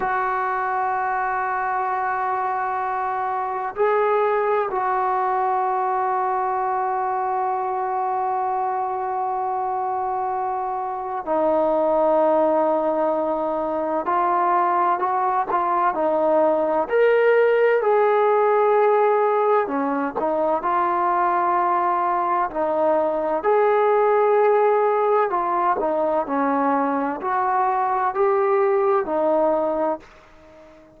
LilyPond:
\new Staff \with { instrumentName = "trombone" } { \time 4/4 \tempo 4 = 64 fis'1 | gis'4 fis'2.~ | fis'1 | dis'2. f'4 |
fis'8 f'8 dis'4 ais'4 gis'4~ | gis'4 cis'8 dis'8 f'2 | dis'4 gis'2 f'8 dis'8 | cis'4 fis'4 g'4 dis'4 | }